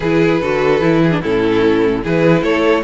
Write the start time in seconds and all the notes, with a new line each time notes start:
0.00 E3 E4 G#4 B4
0.40 D3 F#4 A4
0.81 E3 E4
1.03 G#4
1.11 D4
1.21 A2 C#4 E4 A4
2.03 E3 E4 G#4 B4
2.41 A3 A4 C#5